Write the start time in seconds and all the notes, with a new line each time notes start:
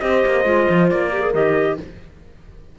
0.00 C4 G4 C5 D#5
0.26 A#3
0.44 G#3 F4
0.70 F3
0.90 A#3 D5
1.09 G4 A#4
1.22 G#4
1.34 D#3 G4 D#5